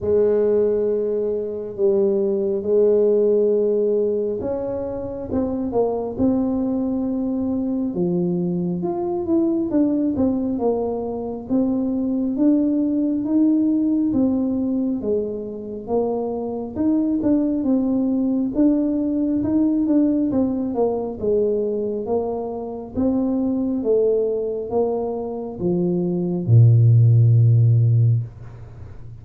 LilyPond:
\new Staff \with { instrumentName = "tuba" } { \time 4/4 \tempo 4 = 68 gis2 g4 gis4~ | gis4 cis'4 c'8 ais8 c'4~ | c'4 f4 f'8 e'8 d'8 c'8 | ais4 c'4 d'4 dis'4 |
c'4 gis4 ais4 dis'8 d'8 | c'4 d'4 dis'8 d'8 c'8 ais8 | gis4 ais4 c'4 a4 | ais4 f4 ais,2 | }